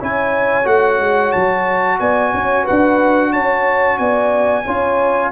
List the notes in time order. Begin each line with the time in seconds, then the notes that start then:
0.00 C#4 E4 C#5 G#5
0.65 A3 F#4 F#5
1.00 G#3
1.32 F#3 A5
2.00 B3 D5 G#5
2.34 C#4 C#5
2.64 B4 F#5
2.70 D4
3.33 C#4 C#5 A5
3.98 B3 D5 G#5
4.65 C#4 F4 C#5